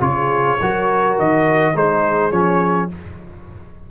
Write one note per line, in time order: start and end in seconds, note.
0.00 0.58 C#3
0.00 0.58 F4
0.00 0.58 G#4
0.00 1.17 C#5
0.58 1.18 F#3
0.58 1.74 F#4
0.58 1.74 A#4
1.18 1.75 D#3
1.18 1.77 D#5
1.74 2.31 G#3
1.74 2.31 D#4
1.74 2.90 G#4
1.74 2.31 C5
2.31 2.89 F3
2.31 2.89 C#4
2.31 2.89 C#5